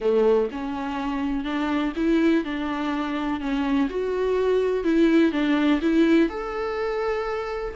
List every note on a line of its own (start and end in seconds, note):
0.00 0.49 A3
0.51 1.44 C#4
1.44 1.92 D4
1.96 2.44 E4
2.44 3.40 D4
3.40 3.88 C#4
3.89 4.83 F#4
4.83 5.32 E4
5.32 5.80 D4
5.81 6.29 E4
6.29 7.74 A4